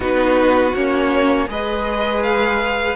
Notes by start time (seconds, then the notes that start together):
0.00 B3 D#4 F#4 B4
0.74 A#3 C#4 C#5
1.47 G#3 G#4 B4 D#5
2.22 F5